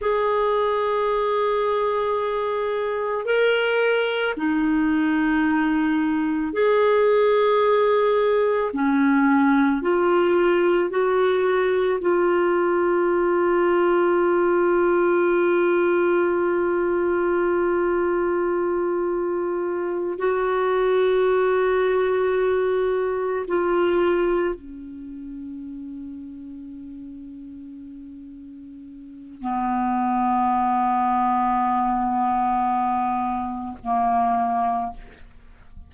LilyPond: \new Staff \with { instrumentName = "clarinet" } { \time 4/4 \tempo 4 = 55 gis'2. ais'4 | dis'2 gis'2 | cis'4 f'4 fis'4 f'4~ | f'1~ |
f'2~ f'8 fis'4.~ | fis'4. f'4 cis'4.~ | cis'2. b4~ | b2. ais4 | }